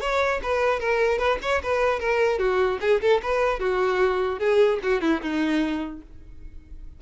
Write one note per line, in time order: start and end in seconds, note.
0.00 0.40 C#5
0.42 0.79 B4
0.79 1.18 A#4
1.18 1.38 B4
1.42 1.62 C#5
1.63 1.99 B4
1.99 2.39 A#4
2.39 2.79 F#4
2.80 3.00 G#4
3.01 3.21 A4
3.22 3.59 B4
3.59 4.39 F#4
4.39 4.79 G#4
4.83 5.01 F#4
5.01 5.21 E4
5.21 6.01 D#4